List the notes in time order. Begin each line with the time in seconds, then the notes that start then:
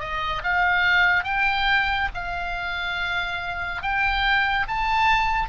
0.00 D#5
0.43 F5
1.24 G5
2.14 F5
3.82 G5
4.68 A5